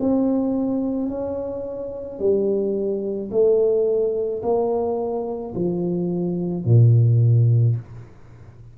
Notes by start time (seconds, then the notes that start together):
0.00 C4
1.09 C#4
2.19 G3
3.31 A3
4.42 A#3
5.55 F3
6.65 A#2